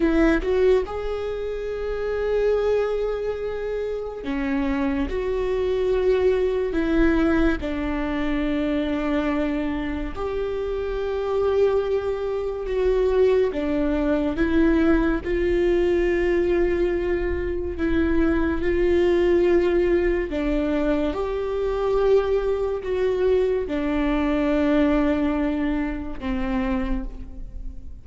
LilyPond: \new Staff \with { instrumentName = "viola" } { \time 4/4 \tempo 4 = 71 e'8 fis'8 gis'2.~ | gis'4 cis'4 fis'2 | e'4 d'2. | g'2. fis'4 |
d'4 e'4 f'2~ | f'4 e'4 f'2 | d'4 g'2 fis'4 | d'2. c'4 | }